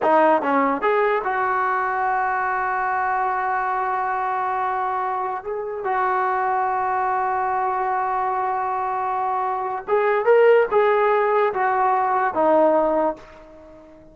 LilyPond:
\new Staff \with { instrumentName = "trombone" } { \time 4/4 \tempo 4 = 146 dis'4 cis'4 gis'4 fis'4~ | fis'1~ | fis'1~ | fis'4~ fis'16 gis'4 fis'4.~ fis'16~ |
fis'1~ | fis'1 | gis'4 ais'4 gis'2 | fis'2 dis'2 | }